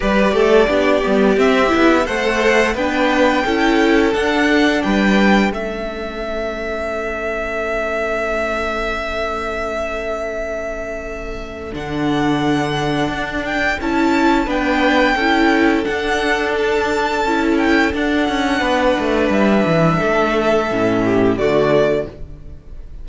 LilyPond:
<<
  \new Staff \with { instrumentName = "violin" } { \time 4/4 \tempo 4 = 87 d''2 e''4 fis''4 | g''2 fis''4 g''4 | e''1~ | e''1~ |
e''4 fis''2~ fis''8 g''8 | a''4 g''2 fis''4 | a''4. g''8 fis''2 | e''2. d''4 | }
  \new Staff \with { instrumentName = "violin" } { \time 4/4 b'8 a'8 g'2 c''4 | b'4 a'2 b'4 | a'1~ | a'1~ |
a'1~ | a'4 b'4 a'2~ | a'2. b'4~ | b'4 a'4. g'8 fis'4 | }
  \new Staff \with { instrumentName = "viola" } { \time 4/4 g'4 d'8 b8 c'8 e'8 a'4 | d'4 e'4 d'2 | cis'1~ | cis'1~ |
cis'4 d'2. | e'4 d'4 e'4 d'4~ | d'4 e'4 d'2~ | d'2 cis'4 a4 | }
  \new Staff \with { instrumentName = "cello" } { \time 4/4 g8 a8 b8 g8 c'8 b8 a4 | b4 cis'4 d'4 g4 | a1~ | a1~ |
a4 d2 d'4 | cis'4 b4 cis'4 d'4~ | d'4 cis'4 d'8 cis'8 b8 a8 | g8 e8 a4 a,4 d4 | }
>>